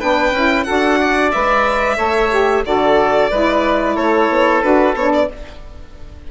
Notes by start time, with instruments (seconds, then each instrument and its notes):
0.00 bassoon B3, saxophone D4, oboe B4, violin G5
0.32 bassoon C#4, saxophone E4
0.64 bassoon D4, saxophone F#4, oboe A4, violin F#5
1.01 oboe D5
1.32 bassoon G#3, saxophone B4, violin E5
1.96 bassoon A3, saxophone A4, oboe C#5
2.31 saxophone G4
2.64 bassoon D3, saxophone F#4, oboe A4, violin D5
3.31 bassoon G#3, saxophone E4, oboe B4
3.96 bassoon A3, oboe A4, violin C#5
4.29 bassoon B3
4.62 bassoon D4, saxophone F#4, violin B4
4.95 bassoon B3, saxophone D4, violin C#5
5.13 violin D5